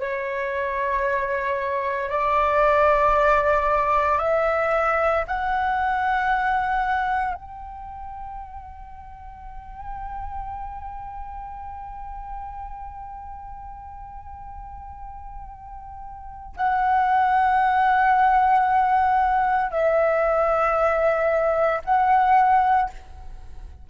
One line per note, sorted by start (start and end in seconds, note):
0.00 2.10 C#5
2.10 4.19 D5
4.19 5.24 E5
5.27 7.34 F#5
7.34 16.55 G5
16.56 19.71 F#5
19.71 21.82 E5
21.85 22.90 F#5